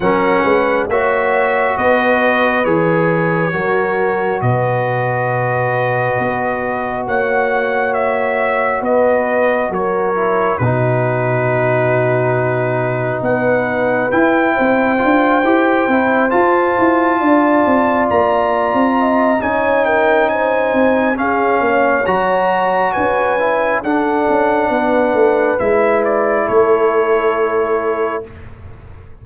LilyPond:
<<
  \new Staff \with { instrumentName = "trumpet" } { \time 4/4 \tempo 4 = 68 fis''4 e''4 dis''4 cis''4~ | cis''4 dis''2. | fis''4 e''4 dis''4 cis''4 | b'2. fis''4 |
g''2~ g''8 a''4.~ | a''8 ais''4. gis''8 g''8 gis''4 | f''4 ais''4 gis''4 fis''4~ | fis''4 e''8 d''8 cis''2 | }
  \new Staff \with { instrumentName = "horn" } { \time 4/4 ais'8 b'8 cis''4 b'2 | ais'4 b'2. | cis''2 b'4 ais'4 | fis'2. b'4~ |
b'8 c''2. d''8~ | d''4. dis''8 cis''8 ais'8 c''4 | gis'8 cis''4. b'4 a'4 | b'2 a'2 | }
  \new Staff \with { instrumentName = "trombone" } { \time 4/4 cis'4 fis'2 gis'4 | fis'1~ | fis'2.~ fis'8 e'8 | dis'1 |
e'4 f'8 g'8 e'8 f'4.~ | f'2 dis'2 | cis'4 fis'4. e'8 d'4~ | d'4 e'2. | }
  \new Staff \with { instrumentName = "tuba" } { \time 4/4 fis8 gis8 ais4 b4 e4 | fis4 b,2 b4 | ais2 b4 fis4 | b,2. b4 |
e'8 c'8 d'8 e'8 c'8 f'8 e'8 d'8 | c'8 ais8. c'8. cis'4. c'8 | cis'8 ais8 fis4 cis'4 d'8 cis'8 | b8 a8 gis4 a2 | }
>>